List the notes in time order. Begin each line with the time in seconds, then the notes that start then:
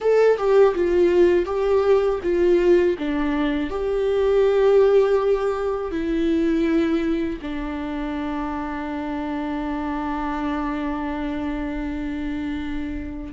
0.00 A4
0.37 G4
0.74 F4
1.45 G4
2.22 F4
2.98 D4
3.69 G4
5.91 E4
7.41 D4